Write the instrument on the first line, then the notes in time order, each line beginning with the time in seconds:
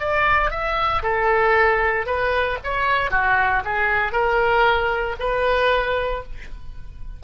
oboe
0.00 D5
0.51 E5
1.03 A4
2.06 B4
2.64 C#5
3.11 F#4
3.65 G#4
4.12 A#4
5.20 B4